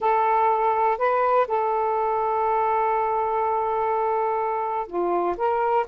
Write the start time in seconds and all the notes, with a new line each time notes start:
0.00 A4
0.98 B4
1.47 A4
4.87 F4
5.37 A#4